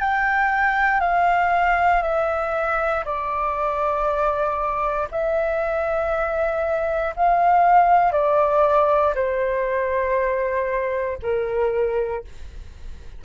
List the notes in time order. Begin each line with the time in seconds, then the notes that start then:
0.00 G5
1.00 F5
2.02 E5
3.05 D5
5.11 E5
7.16 F5
8.12 D5
9.14 C5
11.22 A#4